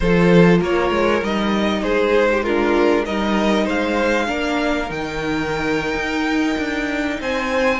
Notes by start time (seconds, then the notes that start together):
0.00 F3 F4 A4 C5
0.59 A#3 A#4 C#5
0.91 G#3
1.22 G3 D#4 D#5
1.82 G#3 G#4 C5
2.31 G4
2.43 D4 F4 A#4
3.05 G3 D#4 A#4 D#5
3.64 G#3 C5 F5
4.27 A#3 D4 A#4
4.88 D#3 D#4 G5
5.95 D#4
6.58 D4
7.20 C4 C5 G#5